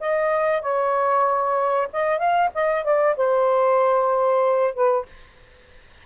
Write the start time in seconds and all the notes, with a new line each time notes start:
0.00 D#5
0.61 C#5
1.93 D#5
2.18 F5
2.54 D#5
2.84 D5
3.16 C5
4.74 B4